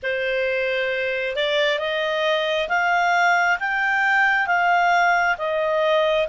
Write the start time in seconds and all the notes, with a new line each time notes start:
0.02 C5
1.36 D5
1.78 D#5
2.68 F5
3.59 G5
4.46 F5
5.38 D#5